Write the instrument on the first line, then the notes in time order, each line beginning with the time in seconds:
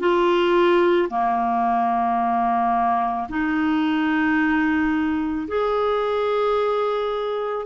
clarinet
0.00 F4
1.10 A#3
3.29 D#4
5.48 G#4